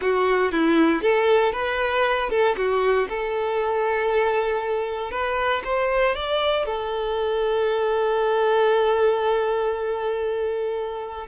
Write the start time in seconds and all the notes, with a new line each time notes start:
0.01 F#4
0.52 E4
1.01 A4
1.52 B4
2.29 A4
2.56 F#4
3.09 A4
5.11 B4
5.64 C5
6.15 D5
6.65 A4